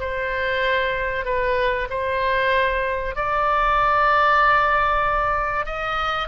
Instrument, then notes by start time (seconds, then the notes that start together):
oboe
0.00 C5
1.25 B4
1.90 C5
3.16 D5
5.66 D#5